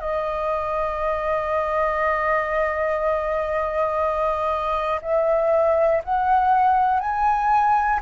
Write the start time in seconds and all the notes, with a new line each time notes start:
0.00 D#5
5.01 E5
6.04 F#5
7.00 G#5